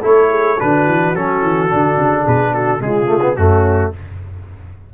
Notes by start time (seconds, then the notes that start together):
0.00 A3 E4 A4 C#5
0.30 G#4
0.58 D3 D4 F#4 B4
0.87 E3
1.14 F#3 C#4 A4
1.42 E3
1.69 D3 D4
1.97 C#3
2.24 B2 G#4 B4
2.54 F#4 A4
2.80 C#3 G#3 F4 G#4
3.06 A3
3.21 B3
3.36 F#2 A3 C#4 F#4